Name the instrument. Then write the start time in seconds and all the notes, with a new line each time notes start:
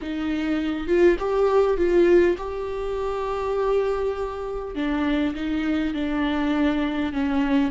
viola
0.01 D#4
0.87 F4
1.19 G4
1.77 F4
2.37 G4
4.75 D4
5.34 D#4
5.94 D4
7.12 C#4